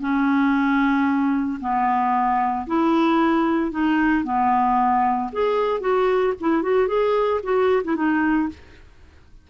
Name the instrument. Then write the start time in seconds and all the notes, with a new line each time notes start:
clarinet
0.00 C#4
1.60 B3
2.67 E4
3.71 D#4
4.24 B3
5.33 G#4
5.80 F#4
6.40 E4
6.63 F#4
6.88 G#4
7.43 F#4
7.84 E4
7.95 D#4